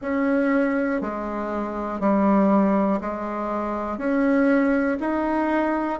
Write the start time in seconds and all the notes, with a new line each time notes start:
0.01 C#4
1.01 G#3
2.00 G3
3.00 G#3
3.98 C#4
5.00 D#4